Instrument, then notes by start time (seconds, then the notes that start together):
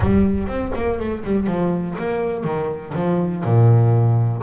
double bass
0.00 G3
0.47 C4
0.75 A#3
0.99 A3
1.24 G3
1.46 F3
1.98 A#3
2.44 D#3
2.95 F3
3.44 A#2